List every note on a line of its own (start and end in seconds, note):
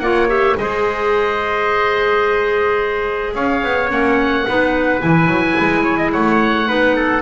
0.00 0.56 A#3
0.00 0.28 F4
0.00 0.59 C#5
0.00 0.28 F#5
0.28 0.56 G4
0.28 0.57 E5
0.57 3.35 G#3
0.57 3.89 G#4
0.57 3.35 C5
0.57 3.35 D#5
3.35 3.63 C#4
3.35 4.46 C#5
3.35 3.91 F5
3.63 3.91 B3
3.89 4.46 A#3
3.89 4.44 C#4
3.89 5.01 F#5
4.48 5.03 B3
4.48 5.00 D#4
4.48 5.83 B4
5.00 5.27 E3
5.00 6.67 E4
5.00 6.12 G#5
5.27 5.55 F#3
5.60 6.15 G#3
5.83 5.97 C#5
5.97 6.11 D#5
6.13 6.70 A3
6.13 6.68 C#5
6.13 7.23 F#5
6.67 7.23 B3
6.67 7.22 D#4
6.67 6.95 B4
6.96 7.23 A4